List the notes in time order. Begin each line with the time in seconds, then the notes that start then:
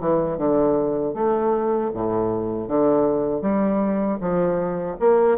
0.00 E3
0.37 D3
1.14 A3
1.94 A2
2.68 D3
3.42 G3
4.20 F3
5.00 A#3